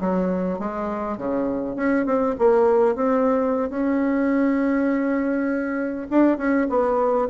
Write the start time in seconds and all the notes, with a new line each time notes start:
0.00 F#3
0.59 G#3
1.17 C#3
1.76 C#4
2.06 C4
2.39 A#3
2.95 C4
3.70 C#4
6.10 D4
6.38 C#4
6.69 B3